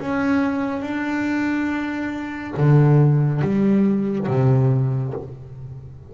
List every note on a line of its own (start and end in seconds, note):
0.00 0.82 C#4
0.82 2.54 D4
2.57 3.42 D3
3.42 4.27 G3
4.28 5.14 C3